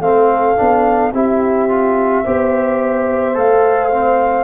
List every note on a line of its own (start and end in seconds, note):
0.00 0.56 A3
0.00 0.57 C4
0.00 1.14 A4
0.00 1.13 F5
0.57 1.13 B3
0.57 1.12 D4
1.13 2.24 C4
1.13 1.70 E4
1.13 2.25 G4
1.13 3.38 E5
1.70 2.25 F4
2.25 3.37 B3
2.25 3.35 G4
2.25 4.44 C5
3.35 4.44 A3
3.35 3.90 A4
3.35 4.44 F5
3.91 4.44 C4